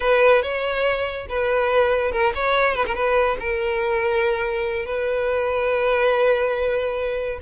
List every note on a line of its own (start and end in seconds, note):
0.00 0.42 B4
0.42 1.26 C#5
1.28 2.11 B4
2.11 2.32 A#4
2.35 2.75 C#5
2.75 2.85 B4
2.86 2.95 A#4
2.95 3.37 B4
3.39 4.85 A#4
4.85 7.39 B4